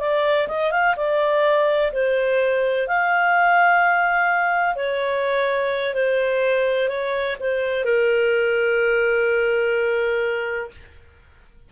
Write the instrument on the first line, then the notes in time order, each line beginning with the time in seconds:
clarinet
0.00 D5
0.48 D#5
0.71 F5
0.97 D5
1.93 C5
2.88 F5
4.76 C#5
5.94 C5
6.89 C#5
7.40 C5
7.85 A#4